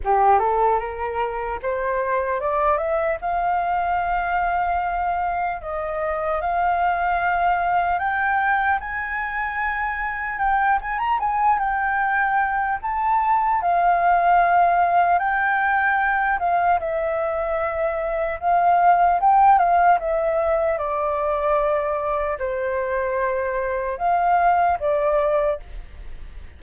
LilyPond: \new Staff \with { instrumentName = "flute" } { \time 4/4 \tempo 4 = 75 g'8 a'8 ais'4 c''4 d''8 e''8 | f''2. dis''4 | f''2 g''4 gis''4~ | gis''4 g''8 gis''16 ais''16 gis''8 g''4. |
a''4 f''2 g''4~ | g''8 f''8 e''2 f''4 | g''8 f''8 e''4 d''2 | c''2 f''4 d''4 | }